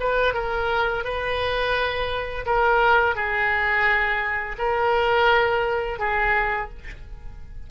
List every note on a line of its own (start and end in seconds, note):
0.00 0.34 B4
0.34 1.04 A#4
1.04 2.45 B4
2.46 3.15 A#4
3.15 4.57 G#4
4.58 5.99 A#4
5.99 6.70 G#4